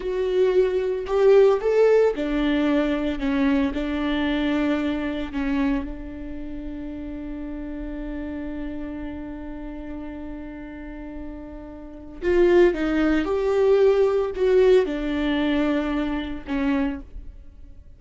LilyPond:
\new Staff \with { instrumentName = "viola" } { \time 4/4 \tempo 4 = 113 fis'2 g'4 a'4 | d'2 cis'4 d'4~ | d'2 cis'4 d'4~ | d'1~ |
d'1~ | d'2. f'4 | dis'4 g'2 fis'4 | d'2. cis'4 | }